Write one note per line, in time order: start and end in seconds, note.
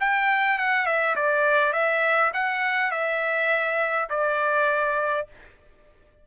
0.00 0.59 G5
0.59 0.86 F#5
0.86 1.15 E5
1.16 1.73 D5
1.73 2.32 E5
2.33 2.91 F#5
2.91 4.09 E5
4.10 5.27 D5